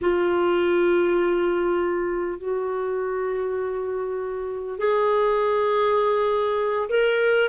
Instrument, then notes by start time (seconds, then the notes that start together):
clarinet
0.01 F4
2.38 F#4
4.78 G#4
6.89 A#4